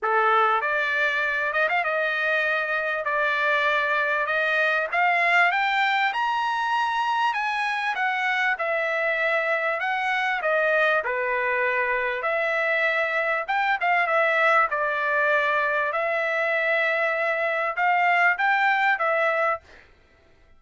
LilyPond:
\new Staff \with { instrumentName = "trumpet" } { \time 4/4 \tempo 4 = 98 a'4 d''4. dis''16 f''16 dis''4~ | dis''4 d''2 dis''4 | f''4 g''4 ais''2 | gis''4 fis''4 e''2 |
fis''4 dis''4 b'2 | e''2 g''8 f''8 e''4 | d''2 e''2~ | e''4 f''4 g''4 e''4 | }